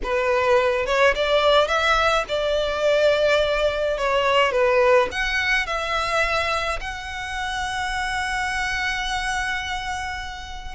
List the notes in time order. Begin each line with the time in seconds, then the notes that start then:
0.03 B4
0.86 C#5
1.15 D5
1.67 E5
2.28 D5
3.97 C#5
4.52 B4
5.11 F#5
5.66 E5
6.80 F#5